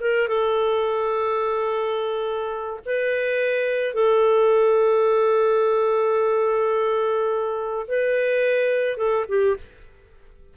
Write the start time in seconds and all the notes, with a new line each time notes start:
0.00 A#4
0.28 A4
2.85 B4
3.94 A4
7.88 B4
8.97 A4
9.28 G4